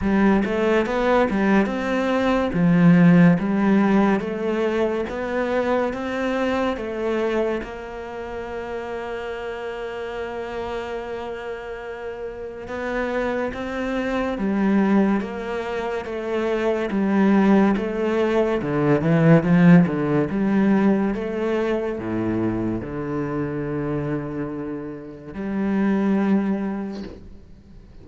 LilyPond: \new Staff \with { instrumentName = "cello" } { \time 4/4 \tempo 4 = 71 g8 a8 b8 g8 c'4 f4 | g4 a4 b4 c'4 | a4 ais2.~ | ais2. b4 |
c'4 g4 ais4 a4 | g4 a4 d8 e8 f8 d8 | g4 a4 a,4 d4~ | d2 g2 | }